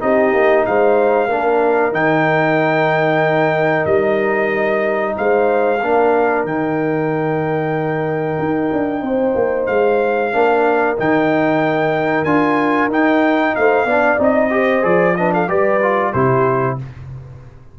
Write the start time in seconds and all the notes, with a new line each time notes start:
0.00 C4 D#4 G4 D#5
0.34 A#3
0.66 G#3 C5 F5
1.28 A#3 D4 A#4
1.92 D#3 D#4 G5
3.86 G3 D#5
5.17 G#3 C5 F5
5.81 A#3 D4 A#4
6.45 D#3 D#4 G5
8.39 D#4
8.73 D4
9.02 C4 C5
9.35 A#3
9.67 G#3 F5
10.33 A#3 D4 A#4
10.98 D#3 D#4 G5
12.25 D4 F4 G#5
12.88 D#4 G5
13.56 A3 C5 F5
13.85 B3 D4 D5
14.18 C4 D#4 D#5
14.51 G4 C5
14.82 F3 G#4 D5
15.17 D4 B4 D#5
15.34 A4 F5
15.48 G3 G4 B4 D5
15.83 F4
16.13 C3 E4 G4 C5